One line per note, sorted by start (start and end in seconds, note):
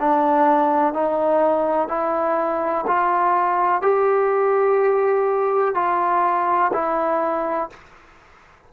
0.00 0.94 D4
0.94 1.89 D#4
1.89 2.85 E4
2.88 3.82 F4
3.82 5.75 G4
5.75 6.72 F4
6.73 7.70 E4